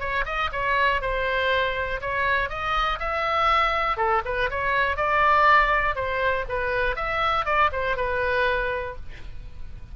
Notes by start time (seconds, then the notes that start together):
0.00 C#5
0.26 D#5
0.53 C#5
1.02 C5
2.02 C#5
2.50 D#5
3.00 E5
3.97 A4
4.25 B4
4.51 C#5
4.97 D5
5.96 C5
6.49 B4
6.96 E5
7.46 D5
7.72 C5
7.97 B4